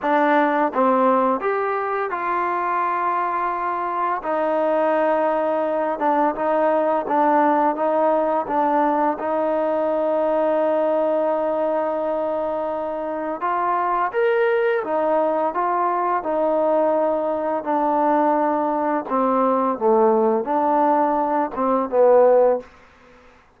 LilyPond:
\new Staff \with { instrumentName = "trombone" } { \time 4/4 \tempo 4 = 85 d'4 c'4 g'4 f'4~ | f'2 dis'2~ | dis'8 d'8 dis'4 d'4 dis'4 | d'4 dis'2.~ |
dis'2. f'4 | ais'4 dis'4 f'4 dis'4~ | dis'4 d'2 c'4 | a4 d'4. c'8 b4 | }